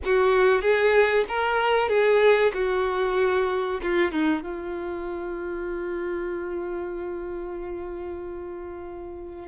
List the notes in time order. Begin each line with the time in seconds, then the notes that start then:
0.04 F#4
0.61 G#4
1.28 A#4
1.89 G#4
2.54 F#4
3.82 F4
4.11 D#4
4.42 F4